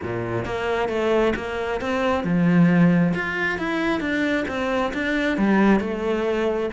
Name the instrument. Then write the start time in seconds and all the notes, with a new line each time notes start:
cello
0.02 A#2
0.45 A#3
0.88 A3
1.36 A#3
1.80 C4
2.24 F3
3.14 F4
3.58 E4
4.00 D4
4.48 C4
4.93 D4
5.37 G3
5.80 A3